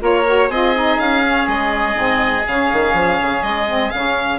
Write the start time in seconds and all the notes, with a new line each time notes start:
0.00 A#3 F4 A#4 C#5
0.27 F#4
0.49 C4 F4 G#4 D#5
0.75 D#4
0.99 C#4 F5
1.24 C#4
1.48 G#3 D#5
1.95 G#2 C4
2.47 C#3 C#4 F5
2.73 D#3
2.93 F3
3.22 C#3
3.43 G#3 D#5
3.68 C4
3.91 C#3 C#4 F5